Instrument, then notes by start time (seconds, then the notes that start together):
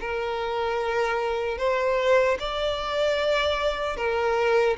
violin
0.00 A#4
1.57 C5
2.39 D5
3.96 A#4